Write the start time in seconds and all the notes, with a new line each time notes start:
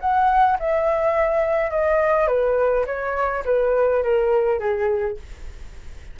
0.00 F#5
0.59 E5
1.71 D#5
2.28 B4
2.86 C#5
3.45 B4
4.03 A#4
4.59 G#4